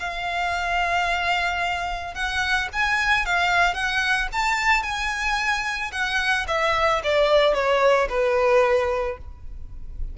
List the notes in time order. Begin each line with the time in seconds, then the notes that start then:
0.00 F5
2.15 F#5
2.73 G#5
3.26 F5
3.74 F#5
4.33 A5
4.84 G#5
5.93 F#5
6.48 E5
7.04 D5
7.55 C#5
8.10 B4